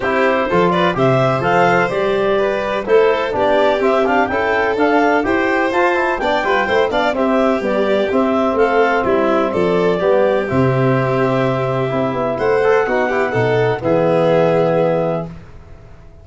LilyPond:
<<
  \new Staff \with { instrumentName = "clarinet" } { \time 4/4 \tempo 4 = 126 c''4. d''8 e''4 f''4 | d''2 c''4 d''4 | e''8 f''8 g''4 f''4 g''4 | a''4 g''4. f''8 e''4 |
d''4 e''4 f''4 e''4 | d''2 e''2~ | e''2 fis''2~ | fis''4 e''2. | }
  \new Staff \with { instrumentName = "violin" } { \time 4/4 g'4 a'8 b'8 c''2~ | c''4 b'4 a'4 g'4~ | g'4 a'2 c''4~ | c''4 d''8 b'8 c''8 d''8 g'4~ |
g'2 a'4 e'4 | a'4 g'2.~ | g'2 c''4 fis'8 g'8 | a'4 gis'2. | }
  \new Staff \with { instrumentName = "trombone" } { \time 4/4 e'4 f'4 g'4 a'4 | g'2 e'4 d'4 | c'8 d'8 e'4 d'4 g'4 | f'8 e'8 d'8 f'8 e'8 d'8 c'4 |
g4 c'2.~ | c'4 b4 c'2~ | c'4 e'4. a'8 dis'8 e'8 | dis'4 b2. | }
  \new Staff \with { instrumentName = "tuba" } { \time 4/4 c'4 f4 c4 f4 | g2 a4 b4 | c'4 cis'4 d'4 e'4 | f'4 b8 g8 a8 b8 c'4 |
b4 c'4 a4 g4 | f4 g4 c2~ | c4 c'8 b8 a4 b4 | b,4 e2. | }
>>